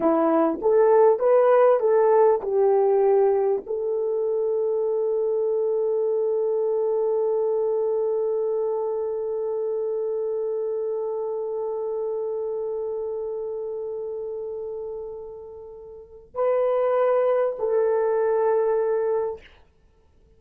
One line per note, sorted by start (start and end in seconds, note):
0.00 0.59 E4
0.61 1.19 A4
1.19 1.79 B4
1.80 2.40 A4
2.41 3.63 G4
3.66 16.34 A4
16.34 17.55 B4
17.58 19.40 A4